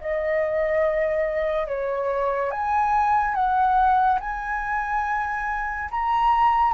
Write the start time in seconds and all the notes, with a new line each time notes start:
0.00 D#5
1.67 C#5
2.51 G#5
3.34 F#5
4.20 G#5
5.91 A#5